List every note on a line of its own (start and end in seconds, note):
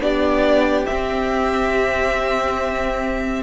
0.00 0.86 B3
0.00 0.87 D4
0.00 3.43 G4
0.00 0.86 D5
0.86 3.43 C4
0.86 3.43 E5